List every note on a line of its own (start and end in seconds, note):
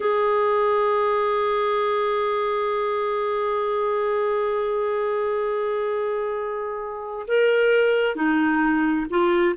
0.00 7.26 G#4
7.27 8.15 A#4
8.15 9.06 D#4
9.10 9.55 F4